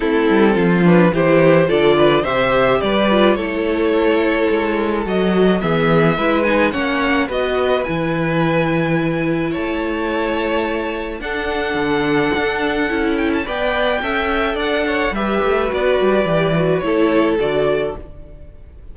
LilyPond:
<<
  \new Staff \with { instrumentName = "violin" } { \time 4/4 \tempo 4 = 107 a'4. b'8 c''4 d''4 | e''4 d''4 cis''2~ | cis''4 dis''4 e''4. gis''8 | fis''4 dis''4 gis''2~ |
gis''4 a''2. | fis''2.~ fis''8 g''16 a''16 | g''2 fis''4 e''4 | d''2 cis''4 d''4 | }
  \new Staff \with { instrumentName = "violin" } { \time 4/4 e'4 f'4 g'4 a'8 b'8 | c''4 b'4 a'2~ | a'2 gis'4 b'4 | cis''4 b'2.~ |
b'4 cis''2. | a'1 | d''4 e''4 d''8 cis''8 b'4~ | b'2 a'2 | }
  \new Staff \with { instrumentName = "viola" } { \time 4/4 c'4. d'8 e'4 f'4 | g'4. f'8 e'2~ | e'4 fis'4 b4 e'8 dis'8 | cis'4 fis'4 e'2~ |
e'1 | d'2. e'4 | b'4 a'2 g'4 | fis'4 g'8 fis'8 e'4 fis'4 | }
  \new Staff \with { instrumentName = "cello" } { \time 4/4 a8 g8 f4 e4 d4 | c4 g4 a2 | gis4 fis4 e4 gis4 | ais4 b4 e2~ |
e4 a2. | d'4 d4 d'4 cis'4 | b4 cis'4 d'4 g8 a8 | b8 g8 e4 a4 d4 | }
>>